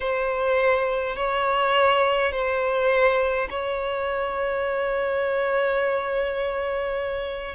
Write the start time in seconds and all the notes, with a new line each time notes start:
0.00 C5
1.16 C#5
2.31 C5
3.50 C#5